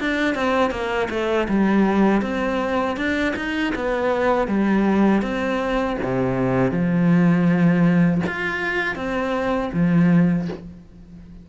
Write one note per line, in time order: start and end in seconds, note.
0.00 0.35 D4
0.35 0.71 C4
0.71 1.08 A#3
1.10 1.48 A3
1.49 2.22 G3
2.22 2.97 C4
2.97 3.34 D4
3.36 3.74 D#4
3.75 4.48 B3
4.48 5.22 G3
5.22 5.97 C4
6.03 6.71 C3
6.71 8.21 F3
8.27 8.96 F4
8.96 9.71 C4
9.73 10.48 F3